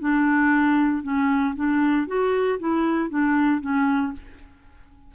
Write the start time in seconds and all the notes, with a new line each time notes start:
0.00 D4
1.03 C#4
1.55 D4
2.07 F#4
2.59 E4
3.10 D4
3.61 C#4